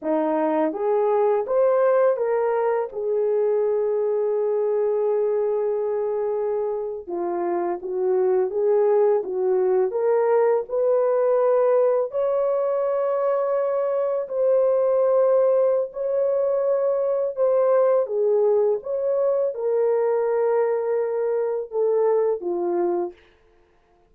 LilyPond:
\new Staff \with { instrumentName = "horn" } { \time 4/4 \tempo 4 = 83 dis'4 gis'4 c''4 ais'4 | gis'1~ | gis'4.~ gis'16 f'4 fis'4 gis'16~ | gis'8. fis'4 ais'4 b'4~ b'16~ |
b'8. cis''2. c''16~ | c''2 cis''2 | c''4 gis'4 cis''4 ais'4~ | ais'2 a'4 f'4 | }